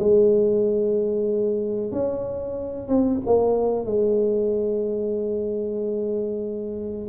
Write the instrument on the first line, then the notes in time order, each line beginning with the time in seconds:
tuba
0.00 G#3
1.92 C#4
2.89 C4
3.26 A#3
3.86 G#3